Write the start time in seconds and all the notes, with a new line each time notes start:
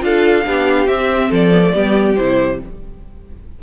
0.00 D4 F4 A4 F5
0.45 B3 D4 G4
0.87 C4 E5
1.29 F3 A4 D5
1.52 B3
1.63 A3
1.73 G3 B3 G4
2.16 C3 E4 C5